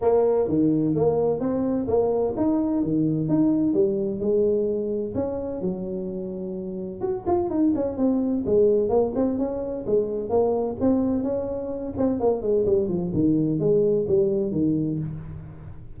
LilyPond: \new Staff \with { instrumentName = "tuba" } { \time 4/4 \tempo 4 = 128 ais4 dis4 ais4 c'4 | ais4 dis'4 dis4 dis'4 | g4 gis2 cis'4 | fis2. fis'8 f'8 |
dis'8 cis'8 c'4 gis4 ais8 c'8 | cis'4 gis4 ais4 c'4 | cis'4. c'8 ais8 gis8 g8 f8 | dis4 gis4 g4 dis4 | }